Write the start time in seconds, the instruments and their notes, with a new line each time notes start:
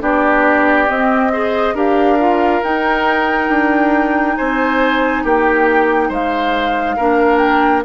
0.00 bassoon B3, clarinet D4, oboe G4, flute D5
0.87 clarinet C4, bassoon C4, flute D#5
1.32 clarinet G#4, oboe C5
1.74 bassoon D4, clarinet G4, oboe A#4, flute F5
2.19 clarinet F4
2.62 clarinet D#4, bassoon D#4, flute G5
3.49 bassoon D4
4.36 bassoon C4, oboe C5, flute G#5
5.23 bassoon A#3, oboe G4, flute G5
6.08 bassoon G#3, oboe C5, flute F5
6.96 bassoon A#3, clarinet D4, oboe A#4
7.38 flute G5